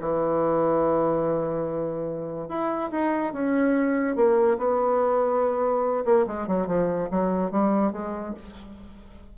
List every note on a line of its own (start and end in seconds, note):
0.00 2.49 E3
2.49 2.90 E4
2.91 3.33 D#4
3.33 4.15 C#4
4.15 4.57 A#3
4.58 6.05 B3
6.05 6.26 A#3
6.27 6.47 G#3
6.47 6.67 F#3
6.67 7.09 F3
7.10 7.51 F#3
7.51 7.92 G3
7.92 8.34 G#3